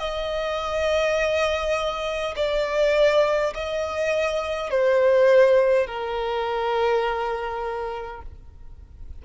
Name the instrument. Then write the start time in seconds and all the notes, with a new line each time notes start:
violin
0.00 D#5
2.36 D5
3.55 D#5
4.71 C5
5.87 A#4